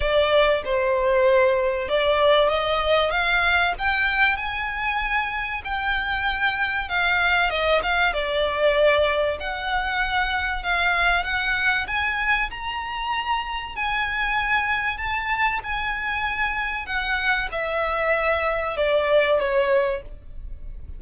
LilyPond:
\new Staff \with { instrumentName = "violin" } { \time 4/4 \tempo 4 = 96 d''4 c''2 d''4 | dis''4 f''4 g''4 gis''4~ | gis''4 g''2 f''4 | dis''8 f''8 d''2 fis''4~ |
fis''4 f''4 fis''4 gis''4 | ais''2 gis''2 | a''4 gis''2 fis''4 | e''2 d''4 cis''4 | }